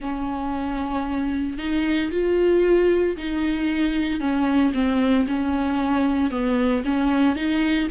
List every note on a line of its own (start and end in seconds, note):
0.00 1.58 C#4
1.58 2.11 D#4
2.11 3.16 F4
3.16 4.20 D#4
4.20 4.73 C#4
4.73 5.26 C4
5.27 6.30 C#4
6.30 6.83 B3
6.84 7.35 C#4
7.35 7.88 D#4